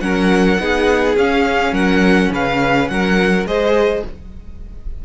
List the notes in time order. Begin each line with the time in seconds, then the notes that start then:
0.00 F#3 C#4 A#4 F#5
0.59 B3 D#4 G#4
1.16 C#4 F5
1.72 F#3 A#4 F#5
2.32 C#3 B4 F5
2.88 F#3 A#4 F#5
3.45 G#3 G#4 C5 D#5